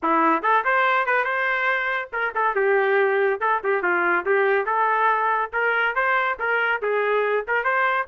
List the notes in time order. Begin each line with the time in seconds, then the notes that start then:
0.02 E4
0.42 A4
0.64 C5
1.06 B4
1.24 C5
2.13 A#4
2.34 A4
2.55 G4
3.40 A4
3.63 G4
3.82 F4
4.25 G4
4.65 A4
5.52 A#4
5.95 C5
6.39 A#4
6.82 G#4
7.47 A#4
7.64 C5